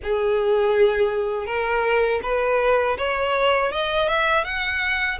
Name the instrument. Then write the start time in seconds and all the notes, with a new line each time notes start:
violin
0.03 G#4
1.46 A#4
2.23 B4
2.97 C#5
3.72 D#5
4.08 E5
4.44 F#5